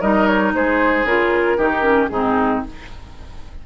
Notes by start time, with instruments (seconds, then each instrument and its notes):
0.00 bassoon G3, clarinet D#4, oboe A#4, flute D#5
0.27 flute C#5
0.53 bassoon G#3, oboe G#4, flute C5
1.04 bassoon C#3, clarinet F4, flute A#4
1.57 bassoon D#3, clarinet D#4, oboe G4
1.82 clarinet C#4
2.08 bassoon G#2, clarinet C4, oboe D#4, flute G#4